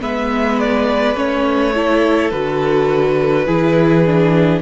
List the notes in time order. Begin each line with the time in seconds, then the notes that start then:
0.00 G#3 B3 B4 E5
0.59 D5
1.15 A3 C#4 C#5
1.74 E4 A4
2.30 D3 F#4 B4
3.46 E3 E4 G#4
4.06 D4